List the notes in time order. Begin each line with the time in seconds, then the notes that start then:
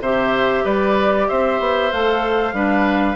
0.00 C3 G4 C5 E5
0.64 G3 B4 D5
1.28 C4 C5 E5
1.59 B3
1.92 A3 A4 F5
2.53 G3 D4 B4